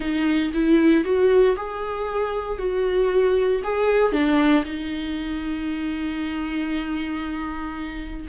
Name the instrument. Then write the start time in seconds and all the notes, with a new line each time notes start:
viola
0.00 D#4
0.53 E4
1.04 F#4
1.56 G#4
2.58 F#4
3.63 G#4
4.12 D4
4.64 D#4